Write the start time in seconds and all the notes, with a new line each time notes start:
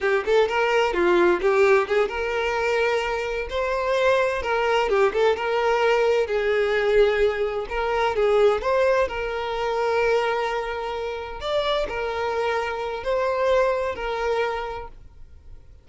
0.01 G4
0.25 A4
0.48 A#4
0.93 F4
1.41 G4
1.87 G#4
2.08 A#4
3.49 C5
4.42 A#4
4.89 G4
5.13 A4
5.36 A#4
6.27 G#4
7.69 A#4
8.15 G#4
8.61 C5
9.08 A#4
11.40 D5
11.88 A#4
13.03 C5
13.95 A#4